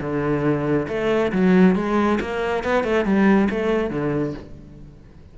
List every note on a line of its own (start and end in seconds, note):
0.00 0.87 D3
0.88 1.31 A3
1.32 1.75 F#3
1.75 2.19 G#3
2.20 2.63 A#3
2.63 2.84 B3
2.84 3.05 A3
3.05 3.48 G3
3.50 3.90 A3
3.90 4.33 D3